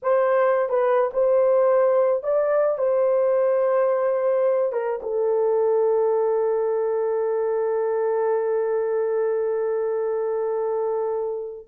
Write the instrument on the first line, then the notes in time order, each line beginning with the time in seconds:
horn
0.02 C5
0.69 B4
1.13 C5
2.23 D5
2.78 C5
4.72 A#4
5.02 A4